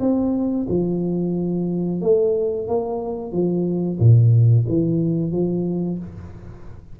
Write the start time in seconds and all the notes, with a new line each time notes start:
0.00 C4
0.68 F3
2.02 A3
2.68 A#3
3.32 F3
3.99 A#2
4.68 E3
5.32 F3